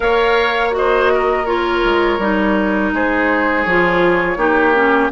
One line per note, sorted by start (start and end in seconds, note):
0.00 1.83 A#3
0.00 0.71 A#4
0.00 0.75 C#5
0.00 0.72 F5
0.71 1.44 F#4
0.71 1.45 D#5
0.77 1.13 C5
1.13 2.94 A#4
1.45 2.19 F4
1.45 2.92 C#5
1.84 2.18 G#3
2.18 2.91 G3
2.18 3.67 D#4
2.93 3.65 G#3
2.93 4.37 G#4
2.93 3.63 C5
3.63 4.36 F3
3.63 4.36 F4
3.63 5.09 C#5
4.36 5.09 A#3
4.36 4.73 D#4
4.36 5.11 G4
4.73 5.10 C#4